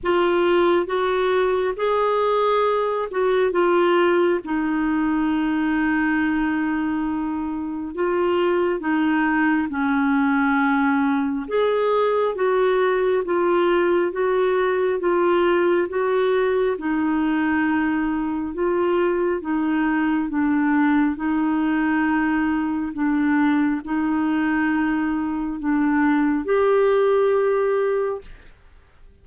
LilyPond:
\new Staff \with { instrumentName = "clarinet" } { \time 4/4 \tempo 4 = 68 f'4 fis'4 gis'4. fis'8 | f'4 dis'2.~ | dis'4 f'4 dis'4 cis'4~ | cis'4 gis'4 fis'4 f'4 |
fis'4 f'4 fis'4 dis'4~ | dis'4 f'4 dis'4 d'4 | dis'2 d'4 dis'4~ | dis'4 d'4 g'2 | }